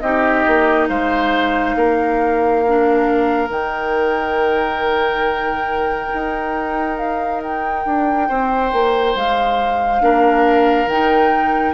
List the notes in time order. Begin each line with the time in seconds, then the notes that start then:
0.00 C4 D#4 G4 D#5
0.47 A#3
0.88 G#3 C5 F5
1.75 A#3 A#4
2.67 D4
3.47 D#3 D#4 G5
6.13 D#4
6.97 F5
7.43 G5
7.85 D4
8.28 C4 C5
8.72 A#3
9.15 G#3 F5
10.00 A#3 D4 A#4
10.86 D#3 D#4 G5